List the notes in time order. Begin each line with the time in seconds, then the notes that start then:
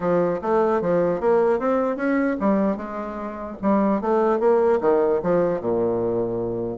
0.00 F3
0.41 A3
0.81 F3
1.20 A#3
1.59 C4
1.96 C#4
2.40 G3
2.76 G#3
3.62 G3
4.01 A3
4.39 A#3
4.81 D#3
5.22 F3
5.60 A#2